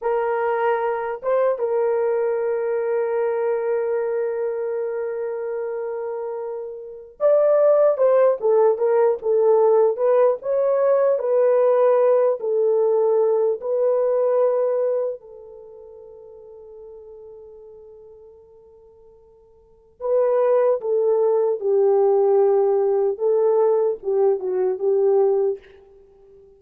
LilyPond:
\new Staff \with { instrumentName = "horn" } { \time 4/4 \tempo 4 = 75 ais'4. c''8 ais'2~ | ais'1~ | ais'4 d''4 c''8 a'8 ais'8 a'8~ | a'8 b'8 cis''4 b'4. a'8~ |
a'4 b'2 a'4~ | a'1~ | a'4 b'4 a'4 g'4~ | g'4 a'4 g'8 fis'8 g'4 | }